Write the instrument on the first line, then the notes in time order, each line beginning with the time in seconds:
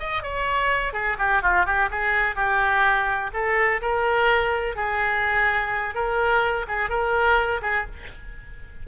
oboe
0.00 D#5
0.23 C#5
0.94 G#4
1.19 G4
1.43 F4
1.66 G4
1.91 G#4
2.36 G4
3.34 A4
3.82 A#4
4.76 G#4
5.95 A#4
6.68 G#4
6.90 A#4
7.62 G#4